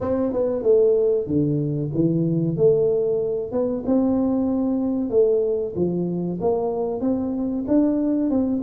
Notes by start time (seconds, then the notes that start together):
0.00 C4
0.32 B3
0.62 A3
1.26 D3
1.94 E3
2.56 A3
3.51 B3
3.86 C4
5.09 A3
5.75 F3
6.40 A#3
7.01 C4
7.67 D4
8.30 C4